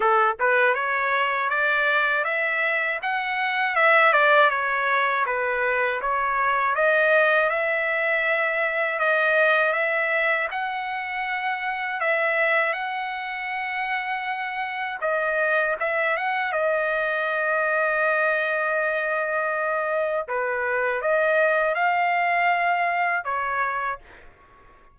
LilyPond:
\new Staff \with { instrumentName = "trumpet" } { \time 4/4 \tempo 4 = 80 a'8 b'8 cis''4 d''4 e''4 | fis''4 e''8 d''8 cis''4 b'4 | cis''4 dis''4 e''2 | dis''4 e''4 fis''2 |
e''4 fis''2. | dis''4 e''8 fis''8 dis''2~ | dis''2. b'4 | dis''4 f''2 cis''4 | }